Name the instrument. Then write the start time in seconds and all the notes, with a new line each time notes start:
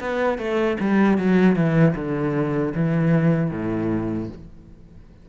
cello
0.00 B3
0.38 A3
0.80 G3
1.18 F#3
1.55 E3
1.95 D3
2.75 E3
3.51 A2